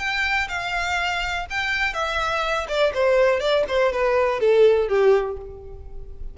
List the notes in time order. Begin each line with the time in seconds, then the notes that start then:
0.00 G5
0.49 F5
1.50 G5
1.94 E5
2.69 D5
2.94 C5
3.40 D5
3.69 C5
3.93 B4
4.40 A4
4.89 G4